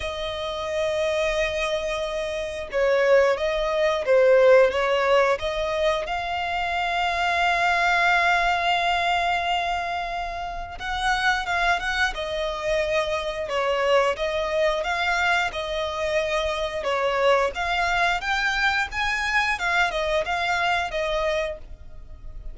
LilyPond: \new Staff \with { instrumentName = "violin" } { \time 4/4 \tempo 4 = 89 dis''1 | cis''4 dis''4 c''4 cis''4 | dis''4 f''2.~ | f''1 |
fis''4 f''8 fis''8 dis''2 | cis''4 dis''4 f''4 dis''4~ | dis''4 cis''4 f''4 g''4 | gis''4 f''8 dis''8 f''4 dis''4 | }